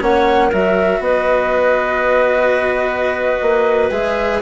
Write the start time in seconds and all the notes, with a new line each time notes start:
0.00 A#3 C#4 C#5 F#5
0.48 F#3 F#4 A#4 E5
0.99 B3 B4 D#5
3.41 A#3
3.90 G#3 G#4 E5